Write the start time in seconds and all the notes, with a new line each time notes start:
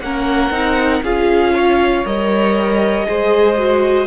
0.00 A#3 C#4 A#4 F#5
0.50 C4 D#4
1.02 C#4 F4 G#4 F5
1.54 C#5
2.05 G3 A#4 D#5
3.06 G#3 G#4 C5
3.57 F#4